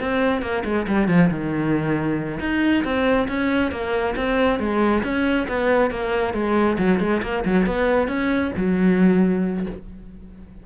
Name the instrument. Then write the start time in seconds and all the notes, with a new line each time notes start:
cello
0.00 C4
0.42 A#3
0.65 G#3
0.87 G3
1.08 F3
1.30 D#3
2.40 D#4
2.84 C4
3.28 C#4
3.71 A#3
4.16 C4
4.59 G#3
5.03 C#4
5.48 B3
5.91 A#3
6.34 G#3
6.78 F#3
7.00 G#3
7.22 A#3
7.45 F#3
7.66 B3
8.08 C#4
8.57 F#3